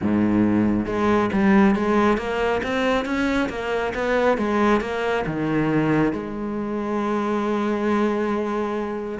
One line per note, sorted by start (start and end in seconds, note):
0.02 0.86 G#2
0.86 1.30 G#3
1.33 1.75 G3
1.75 2.17 G#3
2.17 2.61 A#3
2.63 3.05 C4
3.05 3.48 C#4
3.49 3.93 A#3
3.94 4.37 B3
4.37 4.81 G#3
4.81 5.24 A#3
5.26 6.12 D#3
6.12 9.19 G#3